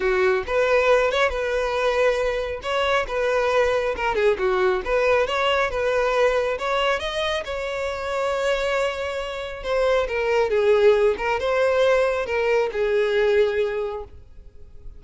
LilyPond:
\new Staff \with { instrumentName = "violin" } { \time 4/4 \tempo 4 = 137 fis'4 b'4. cis''8 b'4~ | b'2 cis''4 b'4~ | b'4 ais'8 gis'8 fis'4 b'4 | cis''4 b'2 cis''4 |
dis''4 cis''2.~ | cis''2 c''4 ais'4 | gis'4. ais'8 c''2 | ais'4 gis'2. | }